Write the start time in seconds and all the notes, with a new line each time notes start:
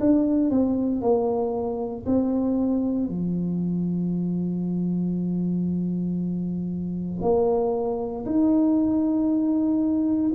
0.00 D4
0.50 C4
1.02 A#3
2.06 C4
3.08 F3
7.22 A#3
8.26 D#4